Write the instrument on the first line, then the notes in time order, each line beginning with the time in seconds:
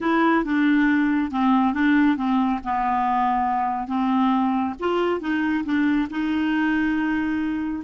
clarinet
0.00 E4
0.44 D4
1.31 C4
1.73 D4
2.16 C4
2.64 B3
3.87 C4
4.79 F4
5.20 D#4
5.64 D4
6.10 D#4